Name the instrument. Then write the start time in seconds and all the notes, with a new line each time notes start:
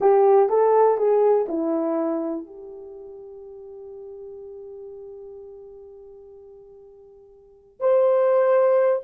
horn
0.00 G4
0.49 A4
0.97 G#4
1.48 E4
2.46 G4
7.80 C5